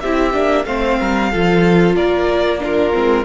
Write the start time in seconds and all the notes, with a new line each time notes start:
0.00 C4 E4 G4 E5
0.33 A#3 D4
0.65 A3 C4 C5 F5
0.99 G3 A#4
1.31 F3 F4 A4
1.95 A#3 A#4 D5
2.59 D4 F4 A#4
2.93 G#3 C4